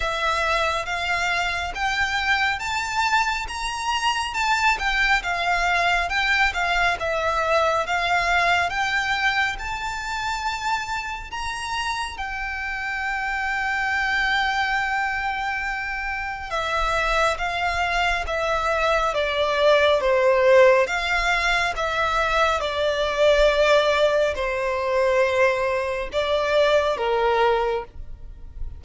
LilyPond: \new Staff \with { instrumentName = "violin" } { \time 4/4 \tempo 4 = 69 e''4 f''4 g''4 a''4 | ais''4 a''8 g''8 f''4 g''8 f''8 | e''4 f''4 g''4 a''4~ | a''4 ais''4 g''2~ |
g''2. e''4 | f''4 e''4 d''4 c''4 | f''4 e''4 d''2 | c''2 d''4 ais'4 | }